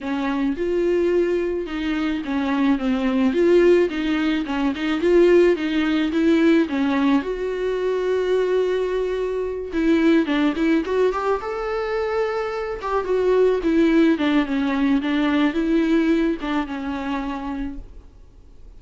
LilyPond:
\new Staff \with { instrumentName = "viola" } { \time 4/4 \tempo 4 = 108 cis'4 f'2 dis'4 | cis'4 c'4 f'4 dis'4 | cis'8 dis'8 f'4 dis'4 e'4 | cis'4 fis'2.~ |
fis'4. e'4 d'8 e'8 fis'8 | g'8 a'2~ a'8 g'8 fis'8~ | fis'8 e'4 d'8 cis'4 d'4 | e'4. d'8 cis'2 | }